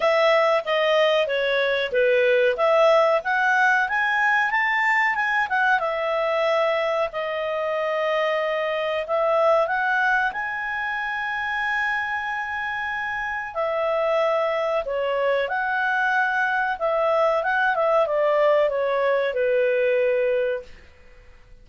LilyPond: \new Staff \with { instrumentName = "clarinet" } { \time 4/4 \tempo 4 = 93 e''4 dis''4 cis''4 b'4 | e''4 fis''4 gis''4 a''4 | gis''8 fis''8 e''2 dis''4~ | dis''2 e''4 fis''4 |
gis''1~ | gis''4 e''2 cis''4 | fis''2 e''4 fis''8 e''8 | d''4 cis''4 b'2 | }